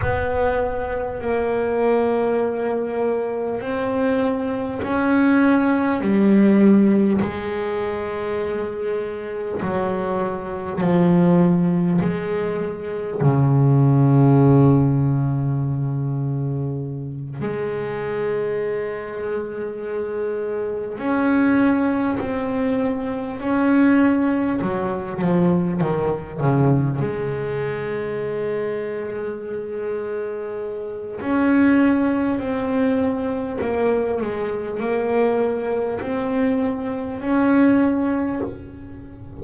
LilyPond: \new Staff \with { instrumentName = "double bass" } { \time 4/4 \tempo 4 = 50 b4 ais2 c'4 | cis'4 g4 gis2 | fis4 f4 gis4 cis4~ | cis2~ cis8 gis4.~ |
gis4. cis'4 c'4 cis'8~ | cis'8 fis8 f8 dis8 cis8 gis4.~ | gis2 cis'4 c'4 | ais8 gis8 ais4 c'4 cis'4 | }